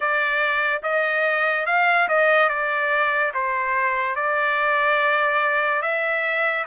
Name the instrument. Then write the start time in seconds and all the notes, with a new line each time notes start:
trumpet
0.00 D5
0.82 D#5
1.66 F5
2.08 D#5
2.48 D5
3.33 C5
4.15 D5
5.81 E5